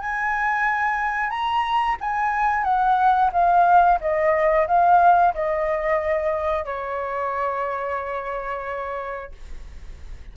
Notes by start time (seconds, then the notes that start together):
0.00 G#5
1.30 A#5
2.01 G#5
2.64 F#5
3.33 F5
4.01 D#5
4.68 F5
5.35 D#5
6.65 C#5